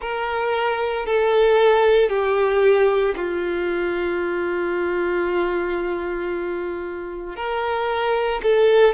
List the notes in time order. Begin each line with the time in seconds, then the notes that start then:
0.01 A#4
1.05 A4
2.09 G4
3.16 F4
7.35 A#4
8.43 A4